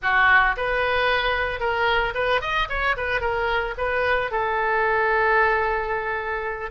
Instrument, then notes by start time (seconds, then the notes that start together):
oboe
0.02 F#4
0.56 B4
1.60 A#4
2.14 B4
2.41 D#5
2.69 C#5
2.96 B4
3.20 A#4
3.77 B4
4.31 A4